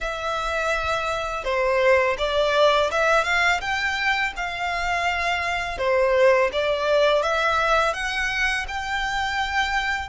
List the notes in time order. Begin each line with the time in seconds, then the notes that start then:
0.00 E5
1.44 C5
2.18 D5
2.91 E5
3.24 F5
3.60 G5
4.36 F5
5.78 C5
6.52 D5
7.22 E5
7.93 F#5
8.67 G5